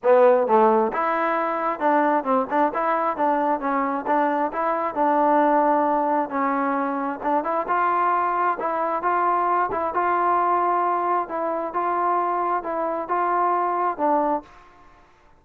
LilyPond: \new Staff \with { instrumentName = "trombone" } { \time 4/4 \tempo 4 = 133 b4 a4 e'2 | d'4 c'8 d'8 e'4 d'4 | cis'4 d'4 e'4 d'4~ | d'2 cis'2 |
d'8 e'8 f'2 e'4 | f'4. e'8 f'2~ | f'4 e'4 f'2 | e'4 f'2 d'4 | }